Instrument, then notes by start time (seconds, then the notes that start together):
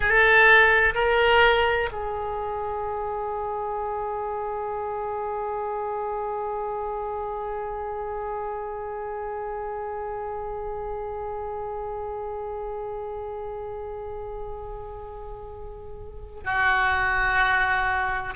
oboe
0.00 A4
0.94 A#4
1.91 G#4
16.44 F#4